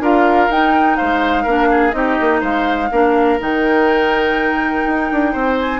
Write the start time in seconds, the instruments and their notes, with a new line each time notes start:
0.00 bassoon D4, clarinet F4, oboe A#4, flute F5
0.48 bassoon D#4, clarinet D#4, flute G5
0.96 bassoon G#3, oboe C5, flute F5
1.43 bassoon A#3, clarinet D4, oboe A#4
1.71 oboe G#4
1.92 bassoon C4, clarinet D#4, oboe G4, flute D#5
2.20 bassoon A#3
2.40 bassoon G#3, oboe C5, flute F5
2.91 bassoon A#3, clarinet D4, oboe A#4
3.39 bassoon D#3, clarinet D#4, flute G5
4.86 bassoon D#4
5.11 bassoon D4
5.32 bassoon C4, oboe C5
5.59 flute G#5